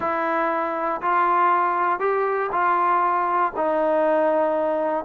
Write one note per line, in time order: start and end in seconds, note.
0.00 1.01 E4
1.01 1.99 F4
1.99 2.50 G4
2.52 3.52 F4
3.56 5.04 D#4